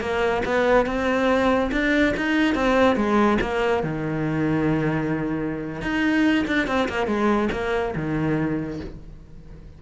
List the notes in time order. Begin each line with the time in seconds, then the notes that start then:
0.00 A#3
0.45 B3
0.85 C4
1.71 D4
2.16 D#4
2.54 C4
2.95 G#3
3.41 A#3
3.83 D#3
5.81 D#4
6.47 D4
6.67 C4
6.88 A#3
7.06 G#3
7.52 A#3
7.95 D#3